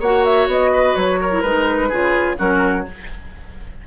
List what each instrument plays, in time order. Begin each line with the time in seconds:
0.00 bassoon A#3, clarinet F#4, oboe C#5, flute F#5
0.25 flute E5
0.47 bassoon B3, flute D#5
0.73 oboe B4
0.96 bassoon F#3, flute C#5
1.21 oboe A#4
1.31 clarinet E4
1.41 bassoon G#3, clarinet D#4, flute B4
1.89 bassoon C#3, clarinet F4, oboe G#4
2.37 bassoon F#3, clarinet C#4, oboe F#4, flute A#4